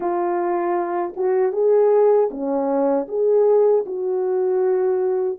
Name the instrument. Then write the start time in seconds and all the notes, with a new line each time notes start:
horn
0.00 F4
1.16 F#4
1.52 G#4
2.30 C#4
3.08 G#4
3.86 F#4